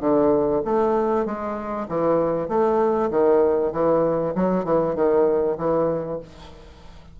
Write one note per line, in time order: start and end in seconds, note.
0.00 0.62 D3
0.65 1.25 A3
1.25 1.87 G#3
1.88 2.48 E3
2.48 3.10 A3
3.10 3.72 D#3
3.72 4.34 E3
4.35 4.64 F#3
4.64 4.95 E3
4.95 5.57 D#3
5.58 6.20 E3